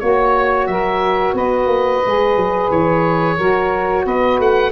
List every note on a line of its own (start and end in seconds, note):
0.00 0.67 A#3
0.00 2.03 F#4
0.00 0.67 C#5
0.00 0.70 C#5
0.67 1.34 F#3
0.67 1.35 A#4
0.67 1.34 E5
1.34 1.67 B3
1.34 3.37 B4
1.34 2.71 D#5
1.67 2.01 A#3
2.05 2.36 G#3
2.05 3.39 G#4
2.36 2.70 F#3
2.71 3.38 E3
2.71 4.06 C#5
3.37 4.06 F#3
3.37 4.72 F#4
3.37 4.05 A#4
4.05 4.40 B3
4.05 4.72 B4
4.05 4.41 D#5
4.40 4.72 A3
4.40 4.72 F#5